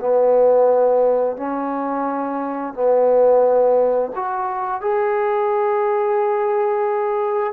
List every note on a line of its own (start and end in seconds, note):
0.00 1.36 B3
1.36 2.74 C#4
2.74 4.12 B3
4.15 4.81 F#4
4.81 7.53 G#4